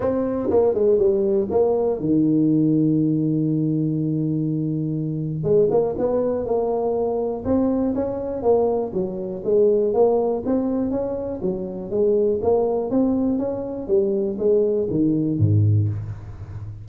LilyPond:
\new Staff \with { instrumentName = "tuba" } { \time 4/4 \tempo 4 = 121 c'4 ais8 gis8 g4 ais4 | dis1~ | dis2. gis8 ais8 | b4 ais2 c'4 |
cis'4 ais4 fis4 gis4 | ais4 c'4 cis'4 fis4 | gis4 ais4 c'4 cis'4 | g4 gis4 dis4 gis,4 | }